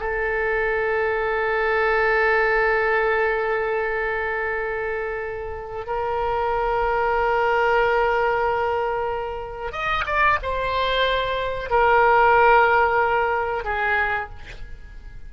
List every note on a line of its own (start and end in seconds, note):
0.00 5.87 A4
5.87 9.72 A#4
9.72 10.05 D#5
10.06 10.39 D5
10.43 11.71 C5
11.71 13.65 A#4
13.65 14.30 G#4